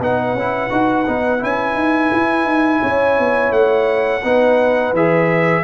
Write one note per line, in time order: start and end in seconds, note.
0.00 0.34 B3
0.00 0.38 D#4
0.00 2.81 B4
0.00 1.44 F#5
0.34 0.70 C#4
0.34 0.70 E4
0.70 1.07 D#4
0.70 1.06 F#4
1.07 1.43 B3
1.07 1.39 D#4
1.39 1.75 C#4
1.39 4.22 E4
1.39 3.53 G#5
1.75 2.11 D#4
2.13 2.45 E4
2.45 2.81 D#4
2.81 3.19 C#4
2.81 4.22 C#5
3.19 3.52 B3
3.52 4.22 A3
3.52 4.94 F#5
4.24 4.93 B3
4.24 4.95 D#4
4.24 5.64 B4
4.93 5.64 E3
4.93 5.64 G#4
4.93 5.64 E5